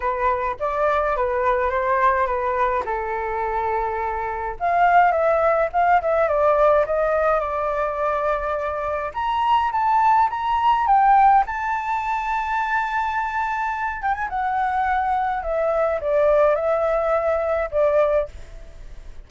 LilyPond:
\new Staff \with { instrumentName = "flute" } { \time 4/4 \tempo 4 = 105 b'4 d''4 b'4 c''4 | b'4 a'2. | f''4 e''4 f''8 e''8 d''4 | dis''4 d''2. |
ais''4 a''4 ais''4 g''4 | a''1~ | a''8 g''16 gis''16 fis''2 e''4 | d''4 e''2 d''4 | }